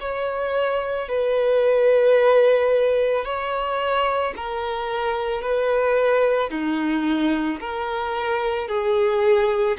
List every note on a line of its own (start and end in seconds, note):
0.00 1.09 C#5
1.09 3.25 B4
3.25 4.34 C#5
4.36 5.42 A#4
5.42 6.51 B4
6.51 7.60 D#4
7.60 8.68 A#4
8.68 9.77 G#4